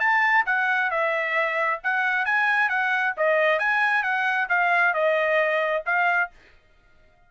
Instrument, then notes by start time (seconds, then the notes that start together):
trumpet
0.00 A5
0.46 F#5
0.91 E5
1.84 F#5
2.26 G#5
2.69 F#5
3.17 D#5
3.59 G#5
4.03 F#5
4.49 F5
4.94 D#5
5.86 F5